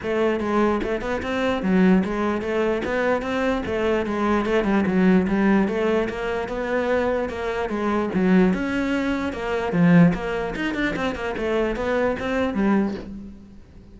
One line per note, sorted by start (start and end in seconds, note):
0.02 0.40 A3
0.40 0.80 G#3
0.83 1.01 A3
1.01 1.21 B3
1.22 1.62 C4
1.62 2.03 F#3
2.04 2.41 G#3
2.41 2.82 A3
2.85 3.22 B3
3.22 3.62 C4
3.66 4.05 A3
4.05 4.45 G#3
4.45 4.64 A3
4.64 4.84 G3
4.86 5.26 F#3
5.27 5.68 G3
5.68 6.08 A3
6.09 6.48 A#3
6.48 7.29 B3
7.29 7.69 A#3
7.69 8.09 G#3
8.14 8.53 F#3
8.53 9.32 C#4
9.32 9.72 A#3
9.72 10.13 F3
10.14 10.54 A#3
10.55 10.74 D#4
10.74 10.94 D4
10.96 11.15 C4
11.15 11.35 A#3
11.37 11.75 A3
11.75 12.16 B3
12.19 12.54 C4
12.54 12.94 G3